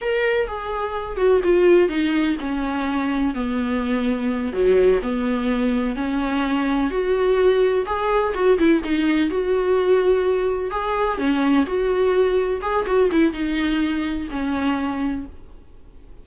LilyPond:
\new Staff \with { instrumentName = "viola" } { \time 4/4 \tempo 4 = 126 ais'4 gis'4. fis'8 f'4 | dis'4 cis'2 b4~ | b4. fis4 b4.~ | b8 cis'2 fis'4.~ |
fis'8 gis'4 fis'8 e'8 dis'4 fis'8~ | fis'2~ fis'8 gis'4 cis'8~ | cis'8 fis'2 gis'8 fis'8 e'8 | dis'2 cis'2 | }